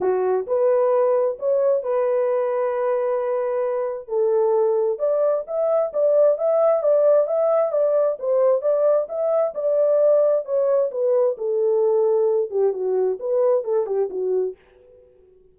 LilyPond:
\new Staff \with { instrumentName = "horn" } { \time 4/4 \tempo 4 = 132 fis'4 b'2 cis''4 | b'1~ | b'4 a'2 d''4 | e''4 d''4 e''4 d''4 |
e''4 d''4 c''4 d''4 | e''4 d''2 cis''4 | b'4 a'2~ a'8 g'8 | fis'4 b'4 a'8 g'8 fis'4 | }